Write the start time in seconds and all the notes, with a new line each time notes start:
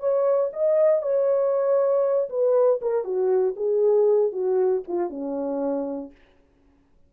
0.00 C#5
0.53 D#5
1.02 C#5
2.30 B4
2.82 A#4
3.05 F#4
3.57 G#4
4.33 F#4
4.88 F4
5.10 C#4